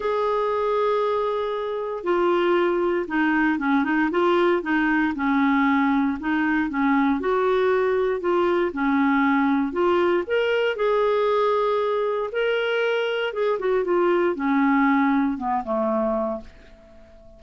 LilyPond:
\new Staff \with { instrumentName = "clarinet" } { \time 4/4 \tempo 4 = 117 gis'1 | f'2 dis'4 cis'8 dis'8 | f'4 dis'4 cis'2 | dis'4 cis'4 fis'2 |
f'4 cis'2 f'4 | ais'4 gis'2. | ais'2 gis'8 fis'8 f'4 | cis'2 b8 a4. | }